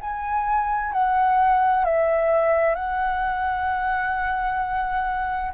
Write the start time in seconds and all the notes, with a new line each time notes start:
0.00 G#5
0.92 F#5
1.84 E5
2.74 F#5